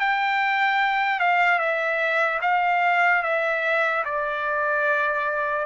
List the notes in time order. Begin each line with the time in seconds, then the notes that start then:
0.00 G5
1.20 F5
1.59 E5
2.42 F5
3.23 E5
4.05 D5